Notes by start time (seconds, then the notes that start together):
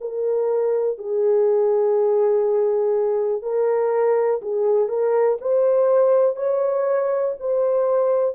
0.00 A#4
0.97 G#4
3.42 A#4
4.41 G#4
4.88 A#4
5.41 C5
6.36 C#5
7.39 C5